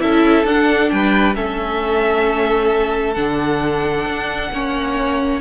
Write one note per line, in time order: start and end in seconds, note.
0.00 0.45 C#4
0.00 0.45 E4
0.00 0.93 A4
0.00 0.46 E5
0.45 0.90 D4
0.45 1.35 D4
0.45 0.90 F#5
0.90 1.37 G3
0.90 1.36 B4
0.90 1.35 G5
1.35 3.17 A3
1.35 3.15 C#4
1.35 4.52 A4
1.35 3.14 E5
3.14 4.06 D3
3.14 4.52 D4
3.14 5.40 F#5
4.06 4.51 D4
4.52 5.41 A#3
4.52 5.41 C#4
4.52 5.41 C#5